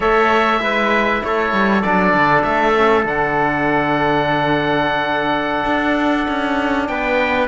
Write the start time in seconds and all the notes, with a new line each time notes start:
0.00 A3 A4 C#5 E5
0.59 G#3 E4 B4
1.23 A3 A4 C#5
1.52 G3
1.82 F#3 D4 D5
2.13 D3
2.42 A3 E5
2.75 C#4
3.04 D3 D4 F#5
5.65 D4
6.28 C#4
6.87 B3 B4 G5